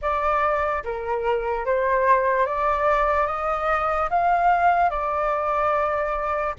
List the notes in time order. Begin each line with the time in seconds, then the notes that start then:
0.01 D5
0.84 A#4
1.65 C5
2.46 D5
3.27 D#5
4.10 F5
4.90 D5